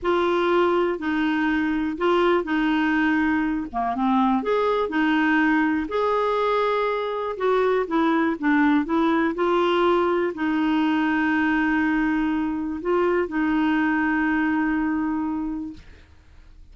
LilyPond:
\new Staff \with { instrumentName = "clarinet" } { \time 4/4 \tempo 4 = 122 f'2 dis'2 | f'4 dis'2~ dis'8 ais8 | c'4 gis'4 dis'2 | gis'2. fis'4 |
e'4 d'4 e'4 f'4~ | f'4 dis'2.~ | dis'2 f'4 dis'4~ | dis'1 | }